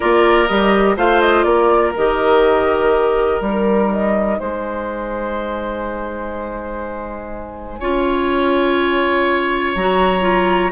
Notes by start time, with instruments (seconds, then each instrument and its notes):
0.00 bassoon A#3, clarinet F4, oboe A#4, flute D5
0.47 bassoon G3, clarinet G4, flute D#5
0.96 bassoon A3, clarinet F4, oboe C5, flute F5
1.20 flute D#5
1.43 bassoon A#3, oboe A#4, flute D5
1.96 bassoon D#3, clarinet G4, flute D#5
3.40 bassoon G3, clarinet D#4, flute A#4
3.92 flute D#5
4.39 bassoon G#3, oboe C5, flute G#5
7.79 bassoon C#4, clarinet F4, oboe C#5
9.75 bassoon F#3, clarinet F#4, flute A#5
10.21 clarinet F4